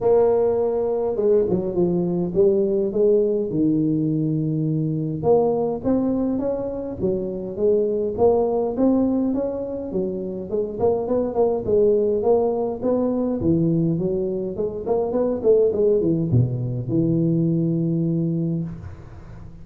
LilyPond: \new Staff \with { instrumentName = "tuba" } { \time 4/4 \tempo 4 = 103 ais2 gis8 fis8 f4 | g4 gis4 dis2~ | dis4 ais4 c'4 cis'4 | fis4 gis4 ais4 c'4 |
cis'4 fis4 gis8 ais8 b8 ais8 | gis4 ais4 b4 e4 | fis4 gis8 ais8 b8 a8 gis8 e8 | b,4 e2. | }